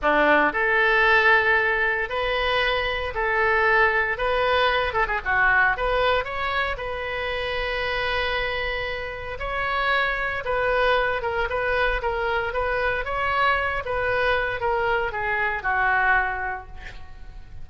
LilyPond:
\new Staff \with { instrumentName = "oboe" } { \time 4/4 \tempo 4 = 115 d'4 a'2. | b'2 a'2 | b'4. a'16 gis'16 fis'4 b'4 | cis''4 b'2.~ |
b'2 cis''2 | b'4. ais'8 b'4 ais'4 | b'4 cis''4. b'4. | ais'4 gis'4 fis'2 | }